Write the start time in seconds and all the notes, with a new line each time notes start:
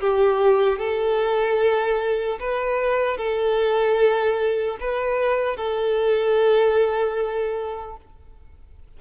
0.00 G4
0.79 A4
2.40 B4
3.17 A4
4.80 B4
5.57 A4